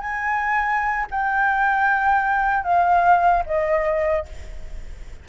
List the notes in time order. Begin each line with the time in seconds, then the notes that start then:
0.00 G#5
1.11 G5
2.63 F5
3.46 D#5